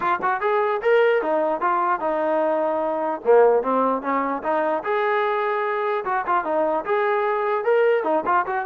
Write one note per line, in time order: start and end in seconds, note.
0.00 0.19 F4
0.22 0.40 F#4
0.40 0.81 G#4
0.82 1.22 A#4
1.22 1.61 D#4
1.61 2.00 F4
2.00 3.20 D#4
3.24 3.62 A#3
3.62 4.02 C4
4.02 4.42 C#4
4.43 4.83 D#4
4.83 6.04 G#4
6.05 6.25 F#4
6.26 6.44 F4
6.44 6.84 D#4
6.85 7.64 G#4
7.64 8.03 A#4
8.03 8.23 D#4
8.25 8.45 F4
8.46 8.65 F#4